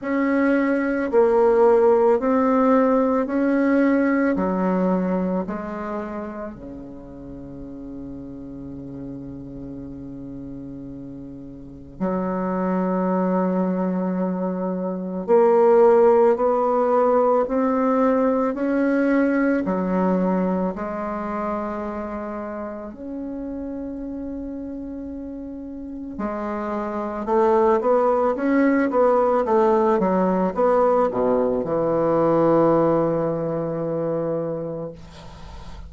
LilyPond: \new Staff \with { instrumentName = "bassoon" } { \time 4/4 \tempo 4 = 55 cis'4 ais4 c'4 cis'4 | fis4 gis4 cis2~ | cis2. fis4~ | fis2 ais4 b4 |
c'4 cis'4 fis4 gis4~ | gis4 cis'2. | gis4 a8 b8 cis'8 b8 a8 fis8 | b8 b,8 e2. | }